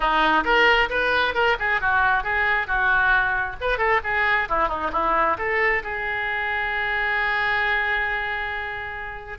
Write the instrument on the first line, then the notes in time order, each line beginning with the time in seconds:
oboe
0.00 D#4
0.44 A#4
0.89 B4
1.34 A#4
1.59 G#4
1.80 F#4
2.23 G#4
2.67 F#4
3.60 B4
3.78 A4
4.03 G#4
4.49 E4
4.68 D#4
4.92 E4
5.38 A4
5.83 G#4